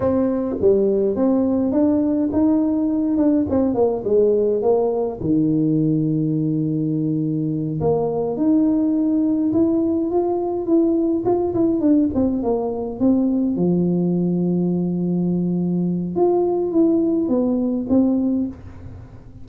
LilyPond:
\new Staff \with { instrumentName = "tuba" } { \time 4/4 \tempo 4 = 104 c'4 g4 c'4 d'4 | dis'4. d'8 c'8 ais8 gis4 | ais4 dis2.~ | dis4. ais4 dis'4.~ |
dis'8 e'4 f'4 e'4 f'8 | e'8 d'8 c'8 ais4 c'4 f8~ | f1 | f'4 e'4 b4 c'4 | }